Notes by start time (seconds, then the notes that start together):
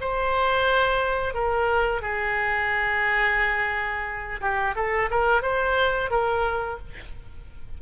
0.00 C5
1.34 A#4
2.01 G#4
4.41 G4
4.75 A4
5.10 A#4
5.42 C5
6.10 A#4